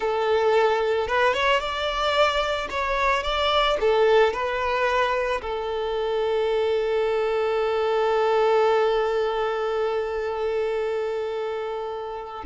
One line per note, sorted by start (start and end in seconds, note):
0.00 1.07 A4
1.07 1.33 B4
1.33 1.59 C#5
1.59 2.68 D5
2.70 3.23 C#5
3.23 3.77 D5
3.80 4.33 A4
4.33 5.41 B4
5.41 12.44 A4